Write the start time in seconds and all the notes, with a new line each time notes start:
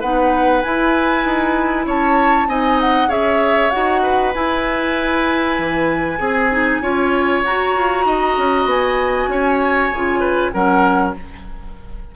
0.00 B3 D#4 B4 F#5
0.62 E4 G#5
1.24 D#4
1.86 C#4 C#5 A5
2.47 C4 D#4 D#5 G#5
2.81 F#5
3.08 C#4 G#4 C#5 E5
3.70 D#4 F#4 F#5
4.02 B4
4.34 E4 G#5
5.58 E3
6.18 C4 G#4
6.51 D#4
6.81 C#4 F4 C#5
7.44 F#4 A#5
7.75 F4
8.05 D#4 D#5
8.37 C#4
8.65 B3 G#5
9.28 C#4 C#5
9.91 C#3 F4
10.20 B4
10.52 F#3 C#4 A#4 F#5